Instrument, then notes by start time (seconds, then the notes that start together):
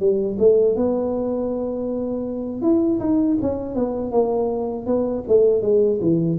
tuba
0.00 G3
0.39 A3
0.76 B3
2.62 E4
3.00 D#4
3.42 C#4
3.75 B3
4.12 A#3
4.86 B3
5.28 A3
5.62 G#3
6.01 E3